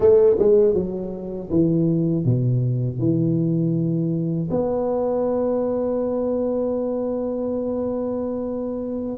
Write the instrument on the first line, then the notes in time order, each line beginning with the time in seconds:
tuba
0.00 A3
0.39 G#3
0.74 F#3
1.50 E3
2.25 B2
2.98 E3
4.50 B3